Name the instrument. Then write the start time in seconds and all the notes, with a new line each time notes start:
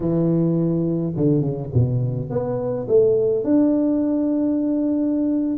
tuba
0.00 E3
1.16 D3
1.41 C#3
1.74 B2
2.29 B3
2.88 A3
3.44 D4